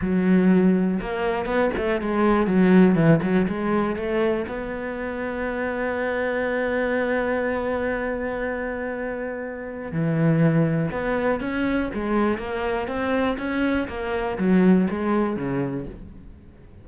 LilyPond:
\new Staff \with { instrumentName = "cello" } { \time 4/4 \tempo 4 = 121 fis2 ais4 b8 a8 | gis4 fis4 e8 fis8 gis4 | a4 b2.~ | b1~ |
b1 | e2 b4 cis'4 | gis4 ais4 c'4 cis'4 | ais4 fis4 gis4 cis4 | }